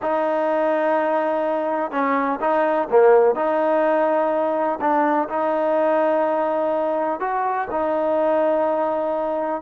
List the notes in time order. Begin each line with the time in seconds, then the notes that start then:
0.02 D#4
1.91 C#4
2.40 D#4
2.90 A#3
3.35 D#4
4.80 D4
5.29 D#4
7.20 F#4
7.70 D#4